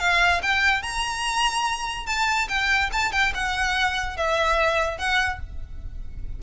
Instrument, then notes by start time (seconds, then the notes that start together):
violin
0.00 F5
0.43 G5
0.83 A#5
2.07 A5
2.49 G5
2.93 A5
3.12 G5
3.35 F#5
4.17 E5
4.98 F#5